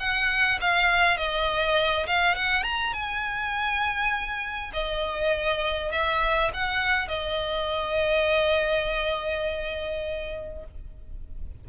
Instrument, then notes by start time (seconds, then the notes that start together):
violin
0.00 F#5
0.61 F5
1.17 D#5
2.07 F5
2.36 F#5
2.64 A#5
2.94 G#5
4.73 D#5
5.92 E5
6.54 F#5
7.08 D#5